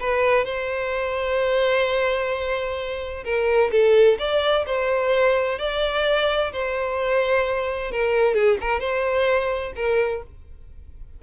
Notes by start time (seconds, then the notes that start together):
0.00 B4
0.45 C5
3.24 A#4
3.71 A4
4.19 D5
4.66 C5
5.59 D5
6.52 C5
7.92 A#4
8.34 G#4
8.60 A#4
8.80 C5
9.76 A#4